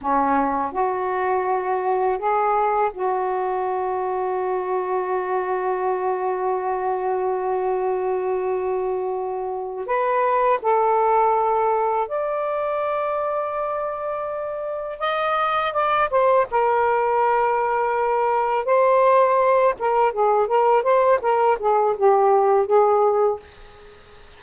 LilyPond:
\new Staff \with { instrumentName = "saxophone" } { \time 4/4 \tempo 4 = 82 cis'4 fis'2 gis'4 | fis'1~ | fis'1~ | fis'4. b'4 a'4.~ |
a'8 d''2.~ d''8~ | d''8 dis''4 d''8 c''8 ais'4.~ | ais'4. c''4. ais'8 gis'8 | ais'8 c''8 ais'8 gis'8 g'4 gis'4 | }